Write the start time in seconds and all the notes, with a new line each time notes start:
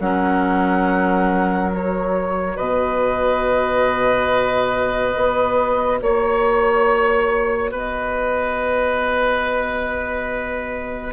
0.00 F#3 C#4 A#4 F#5
1.73 F#4 C#5
2.56 B2 B4 D#5
5.15 B3
6.02 A#3 C#5
7.71 B3 B4 D#5